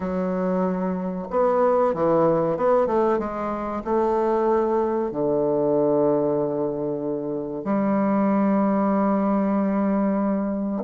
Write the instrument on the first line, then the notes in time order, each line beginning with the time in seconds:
bassoon
0.00 F#3
1.30 B3
1.94 E3
2.56 B3
2.86 A3
3.19 G#3
3.84 A3
5.11 D3
7.64 G3